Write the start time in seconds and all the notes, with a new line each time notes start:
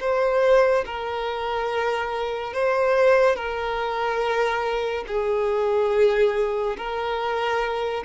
0.00 C5
0.86 A#4
2.53 C5
3.35 A#4
5.07 G#4
6.77 A#4